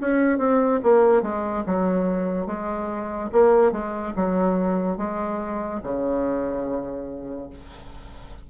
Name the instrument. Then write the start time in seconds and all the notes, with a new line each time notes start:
bassoon
0.00 C#4
0.38 C4
0.83 A#3
1.22 G#3
1.66 F#3
2.46 G#3
3.32 A#3
3.71 G#3
4.16 F#3
4.97 G#3
5.83 C#3